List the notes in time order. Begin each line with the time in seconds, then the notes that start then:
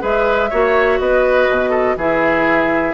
0.00 G#3 G#4 B4 E5
0.50 A#3 F#4 C#5
0.99 B3 B4 D#5
1.49 B2
1.70 A4
1.96 E3 E4 G#4 E5